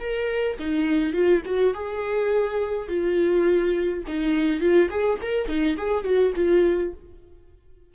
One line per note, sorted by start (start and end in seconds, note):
0.00 0.58 A#4
0.60 1.14 D#4
1.14 1.42 F4
1.46 1.74 F#4
1.74 2.89 G#4
2.89 4.04 F4
4.08 4.61 D#4
4.61 4.90 F4
4.91 5.19 G#4
5.22 5.49 A#4
5.49 5.77 D#4
5.78 6.05 G#4
6.05 6.34 F#4
6.36 6.94 F4